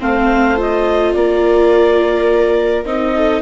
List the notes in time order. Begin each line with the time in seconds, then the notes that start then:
0.00 A3 C4 C5 F5
0.57 F4 D#5
1.14 A#3 A#4 D5
2.85 C4 D#4 D#5
3.16 A4